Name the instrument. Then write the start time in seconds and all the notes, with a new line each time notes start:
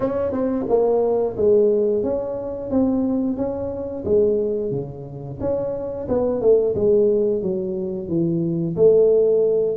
tuba
0.00 C#4
0.32 C4
0.68 A#3
1.36 G#3
2.03 C#4
2.70 C4
3.36 C#4
4.04 G#3
4.71 C#3
5.40 C#4
6.08 B3
6.41 A3
6.75 G#3
7.42 F#3
8.08 E3
8.75 A3